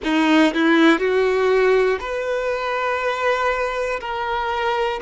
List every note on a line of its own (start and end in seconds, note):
0.03 0.53 D#4
0.54 0.99 E4
0.99 1.99 F#4
2.00 4.00 B4
4.00 5.00 A#4